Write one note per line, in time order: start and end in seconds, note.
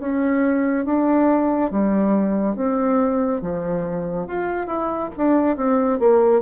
0.00 0.86 C#4
0.86 1.71 D4
1.71 2.56 G3
2.56 3.42 C4
3.42 4.27 F3
4.27 4.67 F4
4.67 5.10 E4
5.17 5.57 D4
5.57 6.00 C4
6.00 6.42 A#3